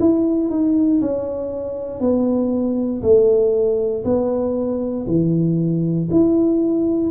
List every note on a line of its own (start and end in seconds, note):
0.00 0.49 E4
0.49 1.00 D#4
1.01 2.00 C#4
2.00 3.02 B3
3.02 4.04 A3
4.04 5.06 B3
5.07 6.08 E3
6.10 7.10 E4